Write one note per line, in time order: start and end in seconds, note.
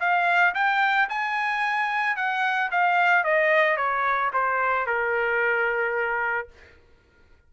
0.00 0.54 F5
0.55 1.09 G5
1.10 2.17 G#5
2.17 2.71 F#5
2.71 3.24 F5
3.24 3.77 D#5
3.77 4.31 C#5
4.34 4.86 C5
4.86 6.49 A#4